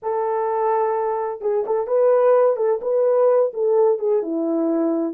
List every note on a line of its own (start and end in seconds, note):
0.02 1.41 A4
1.41 1.64 G#4
1.66 1.87 A4
1.87 2.56 B4
2.56 2.80 A4
2.81 3.52 B4
3.53 3.98 A4
3.98 4.22 G#4
4.22 5.13 E4